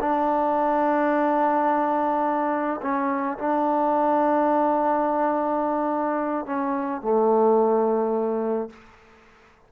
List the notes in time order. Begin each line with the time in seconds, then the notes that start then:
0.00 D4
2.82 C#4
3.38 D4
6.46 C#4
7.01 A3